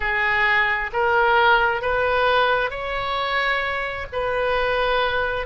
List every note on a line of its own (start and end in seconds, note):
0.00 0.90 G#4
0.93 1.81 A#4
1.81 2.70 B4
2.70 4.07 C#5
4.12 5.46 B4